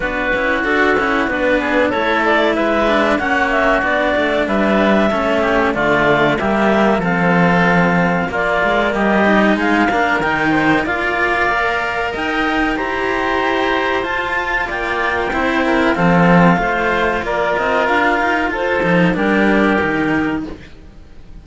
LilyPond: <<
  \new Staff \with { instrumentName = "clarinet" } { \time 4/4 \tempo 4 = 94 b'4 a'4 b'4 cis''8 d''8 | e''4 fis''8 e''8 d''4 e''4~ | e''4 d''4 e''4 f''4~ | f''4 d''4 dis''4 f''4 |
g''4 f''2 g''4 | ais''2 a''4 g''4~ | g''4 f''2 d''8 dis''8 | f''4 c''4 ais'2 | }
  \new Staff \with { instrumentName = "oboe" } { \time 4/4 fis'2~ fis'8 gis'8 a'4 | b'4 fis'2 b'4 | a'8 g'8 f'4 g'4 a'4~ | a'4 f'4 g'4 gis'8 ais'8~ |
ais'8 c''8 d''2 dis''4 | c''2. d''4 | c''8 ais'8 a'4 c''4 ais'4~ | ais'4 a'4 g'2 | }
  \new Staff \with { instrumentName = "cello" } { \time 4/4 d'8 e'8 fis'8 e'8 d'4 e'4~ | e'8 d'8 cis'4 d'2 | cis'4 a4 ais4 c'4~ | c'4 ais4. dis'4 d'8 |
dis'4 f'4 ais'2 | g'2 f'2 | e'4 c'4 f'2~ | f'4. dis'8 d'4 dis'4 | }
  \new Staff \with { instrumentName = "cello" } { \time 4/4 b8 cis'8 d'8 cis'8 b4 a4 | gis4 ais4 b8 a8 g4 | a4 d4 g4 f4~ | f4 ais8 gis8 g4 gis8 ais8 |
dis4 ais2 dis'4 | e'2 f'4 ais4 | c'4 f4 a4 ais8 c'8 | d'8 dis'8 f'8 f8 g4 dis4 | }
>>